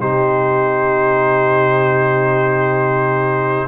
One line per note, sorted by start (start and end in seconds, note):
0.00 3.68 C3
0.00 3.68 D#4
0.00 3.68 G4
0.00 3.68 C5